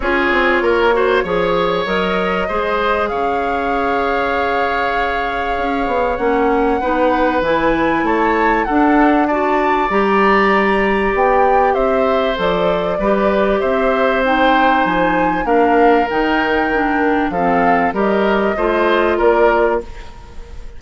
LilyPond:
<<
  \new Staff \with { instrumentName = "flute" } { \time 4/4 \tempo 4 = 97 cis''2. dis''4~ | dis''4 f''2.~ | f''2 fis''2 | gis''4 a''4 fis''4 a''4 |
ais''2 g''4 e''4 | d''2 e''4 g''4 | gis''4 f''4 g''2 | f''4 dis''2 d''4 | }
  \new Staff \with { instrumentName = "oboe" } { \time 4/4 gis'4 ais'8 c''8 cis''2 | c''4 cis''2.~ | cis''2. b'4~ | b'4 cis''4 a'4 d''4~ |
d''2. c''4~ | c''4 b'4 c''2~ | c''4 ais'2. | a'4 ais'4 c''4 ais'4 | }
  \new Staff \with { instrumentName = "clarinet" } { \time 4/4 f'4. fis'8 gis'4 ais'4 | gis'1~ | gis'2 cis'4 dis'4 | e'2 d'4 fis'4 |
g'1 | a'4 g'2 dis'4~ | dis'4 d'4 dis'4 d'4 | c'4 g'4 f'2 | }
  \new Staff \with { instrumentName = "bassoon" } { \time 4/4 cis'8 c'8 ais4 f4 fis4 | gis4 cis2.~ | cis4 cis'8 b8 ais4 b4 | e4 a4 d'2 |
g2 b4 c'4 | f4 g4 c'2 | f4 ais4 dis2 | f4 g4 a4 ais4 | }
>>